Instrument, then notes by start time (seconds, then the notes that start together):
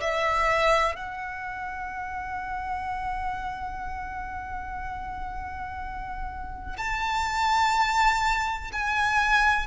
violin
0.00 E5
0.95 F#5
6.77 A5
8.72 G#5